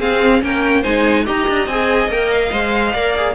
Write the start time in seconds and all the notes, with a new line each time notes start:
0.00 C4 G#4 F5
0.41 A#3 C#4 G5
0.48 A#4
0.82 G#3 D#4 C5 G#5
1.26 D#4 G4 D#5 A#5
1.49 D4
1.67 C4 G#4 G#5
2.08 A#3 A#4 G5
2.31 F5
2.53 G#3 C5
2.93 A#3 A#4 D5
3.17 G#4